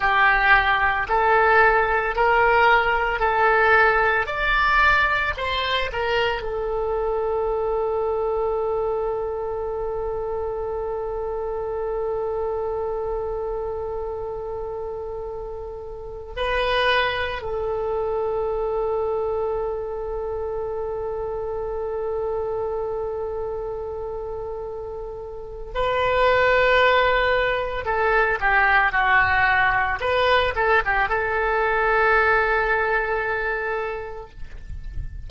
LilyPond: \new Staff \with { instrumentName = "oboe" } { \time 4/4 \tempo 4 = 56 g'4 a'4 ais'4 a'4 | d''4 c''8 ais'8 a'2~ | a'1~ | a'2.~ a'16 b'8.~ |
b'16 a'2.~ a'8.~ | a'1 | b'2 a'8 g'8 fis'4 | b'8 a'16 g'16 a'2. | }